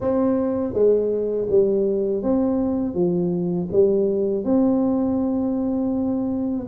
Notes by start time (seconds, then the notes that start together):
0.00 C4
0.73 G#3
1.49 G3
2.22 C4
2.94 F3
3.72 G3
4.44 C4